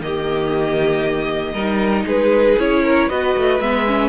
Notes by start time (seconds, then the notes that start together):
0.00 D#3 A#3 G4 D#5
1.53 G3 D#4 A#4
2.05 G#3 G#4 B4
2.58 C#4 E4 C#5
2.83 A#4
3.08 B3 F#4 B4 D#5
3.37 A3
3.60 G#3 B3 E5
3.87 C#4